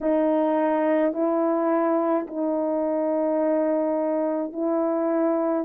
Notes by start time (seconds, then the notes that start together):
0.01 D#4
1.13 E4
2.26 D#4
4.52 E4